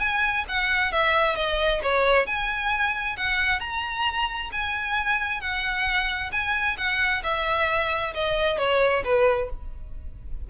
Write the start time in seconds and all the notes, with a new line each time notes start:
0.00 G#5
0.49 F#5
0.92 E5
1.36 D#5
1.83 C#5
2.27 G#5
3.17 F#5
3.60 A#5
4.53 G#5
5.41 F#5
6.32 G#5
6.78 F#5
7.24 E5
8.14 D#5
8.59 C#5
9.05 B4